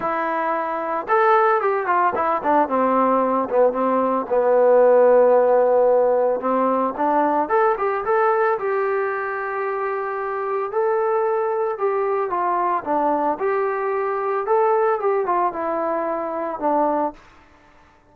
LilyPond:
\new Staff \with { instrumentName = "trombone" } { \time 4/4 \tempo 4 = 112 e'2 a'4 g'8 f'8 | e'8 d'8 c'4. b8 c'4 | b1 | c'4 d'4 a'8 g'8 a'4 |
g'1 | a'2 g'4 f'4 | d'4 g'2 a'4 | g'8 f'8 e'2 d'4 | }